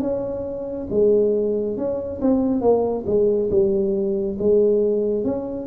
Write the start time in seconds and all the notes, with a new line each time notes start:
0.00 C#4
0.90 G#3
1.77 C#4
2.21 C4
2.61 A#3
3.06 G#3
3.50 G3
4.39 G#3
5.24 C#4